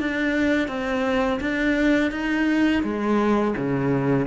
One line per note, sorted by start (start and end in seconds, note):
0.00 0.69 D4
0.69 1.40 C4
1.41 2.12 D4
2.12 2.83 D#4
2.83 3.55 G#3
3.58 4.27 C#3